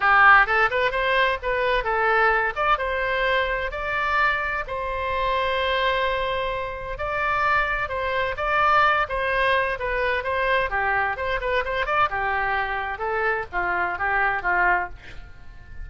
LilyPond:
\new Staff \with { instrumentName = "oboe" } { \time 4/4 \tempo 4 = 129 g'4 a'8 b'8 c''4 b'4 | a'4. d''8 c''2 | d''2 c''2~ | c''2. d''4~ |
d''4 c''4 d''4. c''8~ | c''4 b'4 c''4 g'4 | c''8 b'8 c''8 d''8 g'2 | a'4 f'4 g'4 f'4 | }